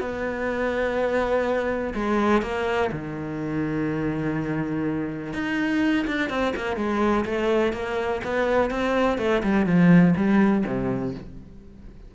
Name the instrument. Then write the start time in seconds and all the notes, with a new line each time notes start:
cello
0.00 B3
1.94 G#3
2.42 A#3
2.92 D#3
5.34 D#4
6.07 D4
6.29 C4
6.56 A#3
6.76 G#3
7.26 A3
7.73 A#3
8.24 B3
8.71 C4
9.18 A3
9.44 G3
9.66 F3
10.16 G3
10.66 C3